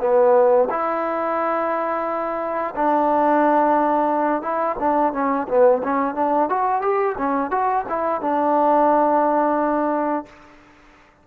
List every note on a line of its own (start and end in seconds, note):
0.00 0.68 B3
0.70 2.75 E4
2.76 4.42 D4
4.42 4.76 E4
4.79 5.13 D4
5.13 5.47 C#4
5.48 5.82 B3
5.83 6.15 C#4
6.15 6.49 D4
6.49 6.82 F#4
6.82 7.16 G4
7.18 7.51 C#4
7.51 7.85 F#4
7.89 8.21 E4
8.21 10.26 D4